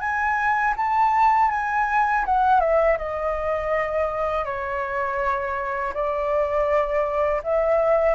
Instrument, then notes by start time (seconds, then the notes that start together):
flute
0.00 G#5
0.76 A5
1.51 G#5
2.26 F#5
2.60 E5
2.98 D#5
4.45 C#5
5.94 D5
7.43 E5